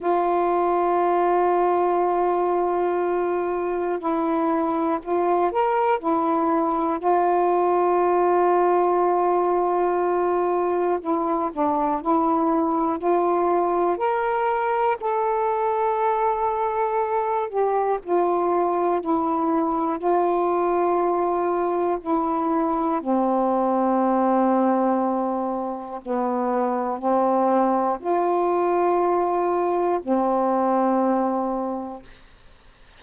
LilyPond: \new Staff \with { instrumentName = "saxophone" } { \time 4/4 \tempo 4 = 60 f'1 | e'4 f'8 ais'8 e'4 f'4~ | f'2. e'8 d'8 | e'4 f'4 ais'4 a'4~ |
a'4. g'8 f'4 e'4 | f'2 e'4 c'4~ | c'2 b4 c'4 | f'2 c'2 | }